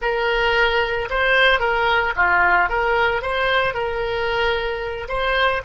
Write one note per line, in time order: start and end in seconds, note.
0.01 1.08 A#4
1.10 1.59 C5
1.59 2.13 A#4
2.16 2.69 F4
2.69 3.22 A#4
3.22 3.74 C5
3.74 5.08 A#4
5.08 5.62 C5